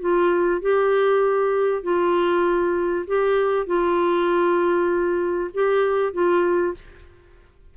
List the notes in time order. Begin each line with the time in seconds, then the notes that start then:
0.00 F4
0.61 G4
1.83 F4
3.07 G4
3.67 F4
5.54 G4
6.13 F4